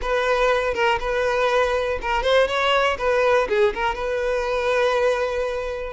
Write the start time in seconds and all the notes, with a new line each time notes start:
0.01 B4
0.73 A#4
0.99 B4
2.01 A#4
2.22 C5
2.47 C#5
2.98 B4
3.48 G#4
3.74 A#4
3.94 B4